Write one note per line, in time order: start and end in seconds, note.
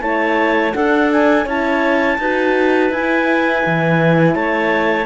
0.00 0.73 A3
0.00 0.72 E4
0.00 0.75 C#5
0.00 0.73 A5
0.73 1.46 D4
0.73 1.45 D4
0.73 1.44 A4
0.73 1.10 F#5
1.11 1.47 G#5
1.44 2.18 C#4
1.44 2.19 E4
1.44 2.17 C#5
1.44 2.92 A5
2.18 2.90 D#4
2.18 2.94 F#4
2.18 4.35 B4
2.90 3.62 E4
2.90 5.05 E4
2.90 4.34 G#5
3.66 4.35 E3
4.34 5.05 A3
4.34 5.05 C#5
4.34 5.05 A5